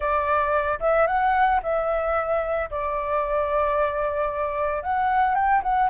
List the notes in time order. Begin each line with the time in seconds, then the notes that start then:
0.00 D5
0.80 E5
1.06 F#5
1.62 E5
2.70 D5
4.83 F#5
5.34 G5
5.62 F#5